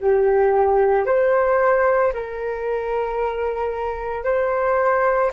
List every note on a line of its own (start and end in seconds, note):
0.00 1.05 G4
1.05 2.12 C5
2.13 4.24 A#4
4.24 5.31 C5